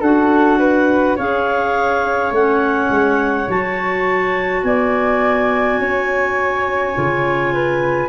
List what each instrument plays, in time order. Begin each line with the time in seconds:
0.00 tuba D4, clarinet F#4 F#5, flute A4
0.58 flute B4
1.16 tuba C#4, clarinet G#4 F5, flute C#5
2.31 tuba A3, clarinet C#4 F#5
2.89 tuba G#3
3.47 tuba F#3, clarinet F#4 A5
4.63 tuba B3, flute D5, clarinet G#5
5.78 tuba C#4, flute C#5
6.94 tuba C#3, clarinet F4
7.53 flute B4